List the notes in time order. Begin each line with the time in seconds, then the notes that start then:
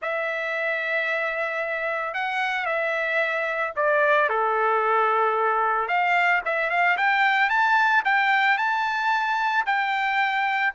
0.01 E5
2.14 F#5
2.65 E5
3.75 D5
4.29 A4
5.88 F5
6.45 E5
6.70 F5
6.97 G5
7.49 A5
8.04 G5
8.57 A5
9.66 G5